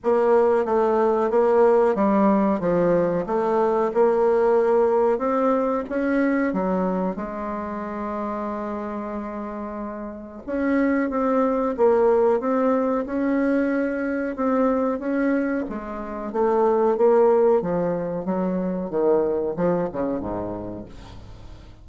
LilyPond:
\new Staff \with { instrumentName = "bassoon" } { \time 4/4 \tempo 4 = 92 ais4 a4 ais4 g4 | f4 a4 ais2 | c'4 cis'4 fis4 gis4~ | gis1 |
cis'4 c'4 ais4 c'4 | cis'2 c'4 cis'4 | gis4 a4 ais4 f4 | fis4 dis4 f8 cis8 gis,4 | }